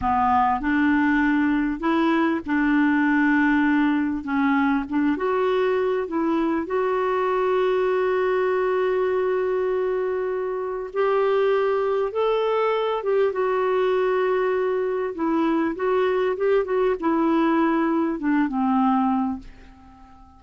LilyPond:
\new Staff \with { instrumentName = "clarinet" } { \time 4/4 \tempo 4 = 99 b4 d'2 e'4 | d'2. cis'4 | d'8 fis'4. e'4 fis'4~ | fis'1~ |
fis'2 g'2 | a'4. g'8 fis'2~ | fis'4 e'4 fis'4 g'8 fis'8 | e'2 d'8 c'4. | }